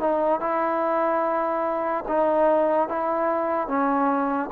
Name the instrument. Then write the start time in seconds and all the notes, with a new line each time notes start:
trombone
0.00 D#4
0.40 E4
2.07 D#4
2.88 E4
3.68 C#4